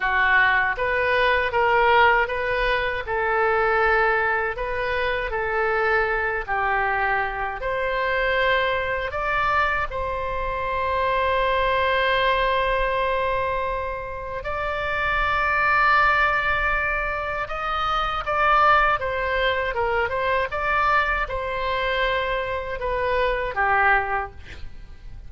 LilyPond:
\new Staff \with { instrumentName = "oboe" } { \time 4/4 \tempo 4 = 79 fis'4 b'4 ais'4 b'4 | a'2 b'4 a'4~ | a'8 g'4. c''2 | d''4 c''2.~ |
c''2. d''4~ | d''2. dis''4 | d''4 c''4 ais'8 c''8 d''4 | c''2 b'4 g'4 | }